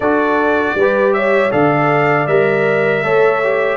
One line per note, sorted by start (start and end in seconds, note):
0.00 0.73 D4
0.00 0.78 F#4
0.00 0.75 A4
0.00 1.13 D5
0.74 1.50 G3
0.74 1.15 B4
0.80 1.51 G4
1.13 1.52 C#5
1.13 1.51 E5
1.51 2.27 D3
1.51 2.27 A4
1.51 3.04 D5
1.51 2.27 F5
2.27 3.03 G3
2.27 3.03 A#4
2.27 3.77 E5
3.03 3.77 A3
3.03 3.41 A4
3.03 3.77 C#5
3.43 3.77 G4